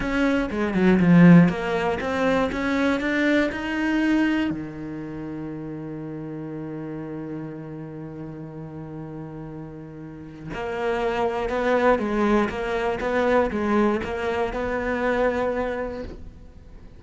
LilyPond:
\new Staff \with { instrumentName = "cello" } { \time 4/4 \tempo 4 = 120 cis'4 gis8 fis8 f4 ais4 | c'4 cis'4 d'4 dis'4~ | dis'4 dis2.~ | dis1~ |
dis1~ | dis4 ais2 b4 | gis4 ais4 b4 gis4 | ais4 b2. | }